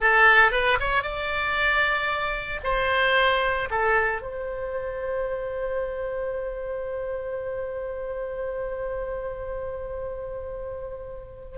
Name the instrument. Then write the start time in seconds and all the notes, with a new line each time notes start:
oboe
0.00 A4
0.51 B4
0.79 C#5
1.02 D5
2.63 C5
3.70 A4
4.21 C5